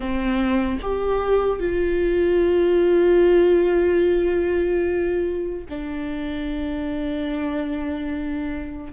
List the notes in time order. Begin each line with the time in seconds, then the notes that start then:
0.00 C4
0.81 G4
1.59 F4
5.69 D4